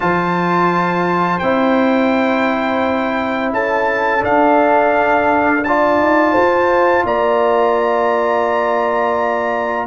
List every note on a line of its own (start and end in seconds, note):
0.00 1.41 F3
0.00 1.39 F4
0.00 3.53 C5
0.00 1.39 A5
1.39 3.52 C4
1.39 4.20 E4
1.39 3.50 G5
3.52 4.23 C#4
3.52 5.65 A4
3.52 4.24 A5
4.20 5.61 D4
4.20 5.99 D4
4.20 5.64 F5
5.64 9.87 F4
5.64 6.32 D5
5.64 7.05 A5
5.99 6.35 D#4
6.32 7.04 F4
6.32 7.02 C5
7.04 9.86 A#3
7.04 9.87 D5
7.04 9.87 A#5